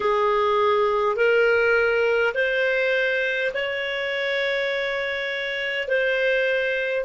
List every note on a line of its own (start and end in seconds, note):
0.00 1.16 G#4
1.16 2.33 A#4
2.34 3.51 C5
3.53 5.88 C#5
5.88 7.05 C5